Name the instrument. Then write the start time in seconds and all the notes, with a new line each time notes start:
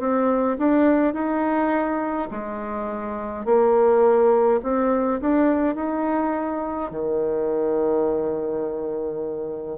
bassoon
0.00 C4
0.59 D4
1.14 D#4
2.31 G#3
3.46 A#3
4.63 C4
5.21 D4
5.76 D#4
6.91 D#3